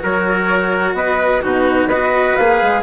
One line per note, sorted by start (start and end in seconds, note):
0.00 0.94 F#3
0.00 1.42 F#4
0.00 0.97 A#4
0.00 0.95 C#5
0.94 1.41 B3
0.94 1.42 B4
0.94 1.43 D#5
1.42 1.87 B2
1.42 1.90 D#4
1.42 1.89 F#4
1.42 1.89 B4
1.87 2.34 B3
1.87 2.83 B4
1.87 2.36 D#5
1.93 2.40 F#4
2.36 2.62 A#3
2.36 2.83 G#4
2.36 2.83 F5
2.62 2.83 G#3